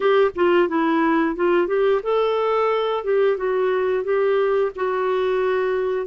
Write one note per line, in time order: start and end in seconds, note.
0.00 0.30 G4
0.35 0.68 F4
0.68 1.35 E4
1.35 1.67 F4
1.67 2.01 G4
2.03 3.04 A4
3.04 3.37 G4
3.37 4.04 F#4
4.04 4.71 G4
4.75 6.06 F#4